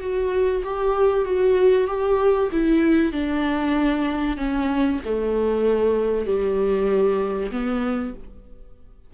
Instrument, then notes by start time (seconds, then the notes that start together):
viola
0.00 F#4
0.63 G4
1.25 F#4
1.87 G4
2.51 E4
3.12 D4
4.36 C#4
5.05 A3
6.26 G3
7.51 B3